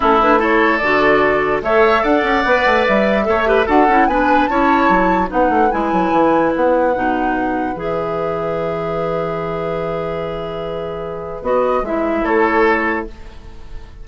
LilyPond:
<<
  \new Staff \with { instrumentName = "flute" } { \time 4/4 \tempo 4 = 147 a'8 b'8 cis''4 d''2 | e''4 fis''2 e''4~ | e''4 fis''4 gis''4 a''4~ | a''4 fis''4 gis''2 |
fis''2. e''4~ | e''1~ | e''1 | dis''4 e''4 cis''2 | }
  \new Staff \with { instrumentName = "oboe" } { \time 4/4 e'4 a'2. | cis''4 d''2. | cis''8 b'8 a'4 b'4 cis''4~ | cis''4 b'2.~ |
b'1~ | b'1~ | b'1~ | b'2 a'2 | }
  \new Staff \with { instrumentName = "clarinet" } { \time 4/4 cis'8 d'8 e'4 fis'2 | a'2 b'2 | a'8 g'8 fis'8 e'8 d'4 e'4~ | e'4 dis'4 e'2~ |
e'4 dis'2 gis'4~ | gis'1~ | gis'1 | fis'4 e'2. | }
  \new Staff \with { instrumentName = "bassoon" } { \time 4/4 a2 d2 | a4 d'8 cis'8 b8 a8 g4 | a4 d'8 cis'8 b4 cis'4 | fis4 b8 a8 gis8 fis8 e4 |
b4 b,2 e4~ | e1~ | e1 | b4 gis4 a2 | }
>>